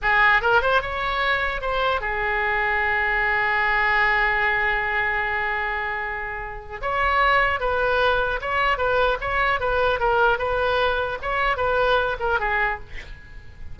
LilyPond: \new Staff \with { instrumentName = "oboe" } { \time 4/4 \tempo 4 = 150 gis'4 ais'8 c''8 cis''2 | c''4 gis'2.~ | gis'1~ | gis'1~ |
gis'4 cis''2 b'4~ | b'4 cis''4 b'4 cis''4 | b'4 ais'4 b'2 | cis''4 b'4. ais'8 gis'4 | }